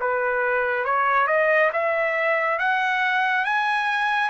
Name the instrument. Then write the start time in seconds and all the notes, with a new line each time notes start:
trumpet
0.00 B4
0.85 C#5
1.27 D#5
1.73 E5
2.58 F#5
3.45 G#5